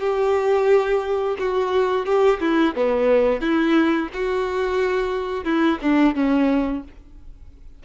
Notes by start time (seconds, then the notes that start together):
0.00 G4
1.39 F#4
2.05 G4
2.40 E4
2.75 B3
3.41 E4
4.13 F#4
5.44 E4
5.82 D4
6.15 C#4